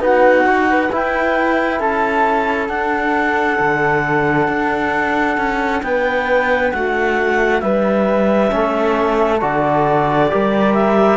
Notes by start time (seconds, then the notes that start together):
0.00 B3 D#4 F#4 F#5
0.45 F#4
0.70 B4
0.92 E4 G5
1.80 C#4 A4 A5
2.68 D4 F#5
3.59 D3
4.48 D4
5.37 C#4
5.83 B3 B4 G5
6.72 A3 F#4 F#5
7.61 G3 B4 E5
8.49 A3 C#4 A4
9.41 D3 F#4 D5
10.30 G3 G4 A#4
10.74 E5